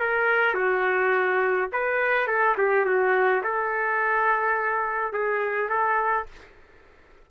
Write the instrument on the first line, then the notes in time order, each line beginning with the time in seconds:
trumpet
0.00 A#4
0.55 F#4
1.72 B4
2.27 A4
2.58 G4
2.85 F#4
3.44 A4
5.13 G#4
5.69 A4